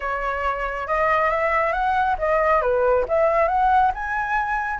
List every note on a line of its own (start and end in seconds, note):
0.00 0.87 C#5
0.87 1.30 D#5
1.30 1.72 E5
1.72 2.16 F#5
2.18 2.61 D#5
2.61 3.05 B4
3.08 3.48 E5
3.48 3.91 F#5
3.94 4.80 G#5